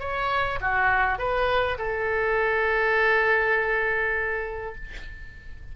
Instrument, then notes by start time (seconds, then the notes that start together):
oboe
0.00 C#5
0.61 F#4
1.18 B4
1.78 A4